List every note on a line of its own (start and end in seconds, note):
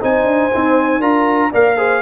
0.00 0.24 C4
0.00 0.50 D#4
0.00 0.99 C5
0.00 1.01 G#5
0.24 0.49 D4
0.53 1.01 C4
0.53 1.00 D#4
0.99 1.50 D4
0.99 1.51 F4
0.99 1.49 A#4
0.99 1.51 A#5
1.51 2.02 A#3
1.51 1.77 A#4
1.51 1.76 D5
1.51 2.02 F5
1.77 2.02 G#4
1.77 2.02 C5